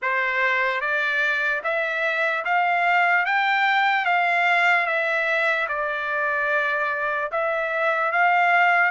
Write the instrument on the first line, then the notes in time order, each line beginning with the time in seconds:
trumpet
0.02 C5
0.80 D5
1.63 E5
2.44 F5
3.25 G5
4.05 F5
4.86 E5
5.68 D5
7.31 E5
8.12 F5